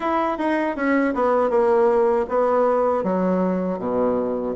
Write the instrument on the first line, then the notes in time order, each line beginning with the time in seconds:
bassoon
0.00 E4
0.38 D#4
0.76 C#4
1.14 B3
1.49 A#3
2.28 B3
3.03 F#3
3.78 B2